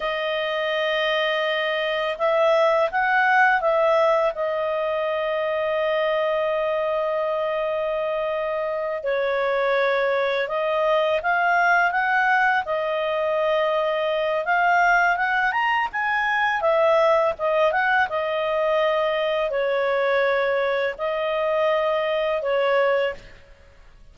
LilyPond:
\new Staff \with { instrumentName = "clarinet" } { \time 4/4 \tempo 4 = 83 dis''2. e''4 | fis''4 e''4 dis''2~ | dis''1~ | dis''8 cis''2 dis''4 f''8~ |
f''8 fis''4 dis''2~ dis''8 | f''4 fis''8 ais''8 gis''4 e''4 | dis''8 fis''8 dis''2 cis''4~ | cis''4 dis''2 cis''4 | }